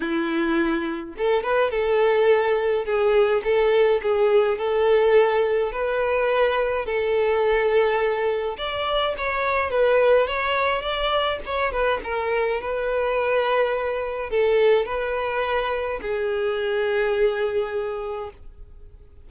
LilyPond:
\new Staff \with { instrumentName = "violin" } { \time 4/4 \tempo 4 = 105 e'2 a'8 b'8 a'4~ | a'4 gis'4 a'4 gis'4 | a'2 b'2 | a'2. d''4 |
cis''4 b'4 cis''4 d''4 | cis''8 b'8 ais'4 b'2~ | b'4 a'4 b'2 | gis'1 | }